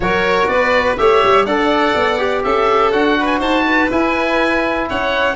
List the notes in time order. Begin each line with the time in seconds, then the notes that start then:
0.00 F#3 F#4 A#4 C#5
0.47 B3 B4 D5
0.97 A3 G4 C#5 E5
1.23 G3
1.45 D4 A4 D5 F#5
1.95 B3
2.18 G4
2.43 C#4 A4 E5
2.91 D4 F#4 F#5
3.19 B4
3.26 G#5
3.39 D#4 C5 A5
3.65 B4
3.90 E4 G#5
4.89 C#4 C#5 F#5